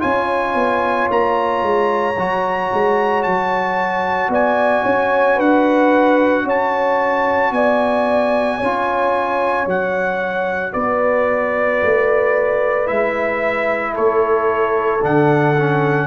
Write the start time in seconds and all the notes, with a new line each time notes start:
0.00 C#4 F4 C#5 G#5
0.55 B3
1.11 A#3 A#5
1.63 G#3
2.18 F#3 F#4
2.73 G#3
3.24 F#3 A5
4.29 B3 D5 G#5
4.84 C#4 C#5
5.36 D4 B4 F#5
6.45 C#4 C#5 A5
7.52 B3 D5 G#5
8.58 C#4 C#5
8.64 F4
9.67 F#3 F#4 F#5
10.73 B3 B4 D5
11.83 A3
12.86 G#3 E4 E5
13.94 A3 A4 C#5
15.02 D3 D4 F#5
15.59 C#4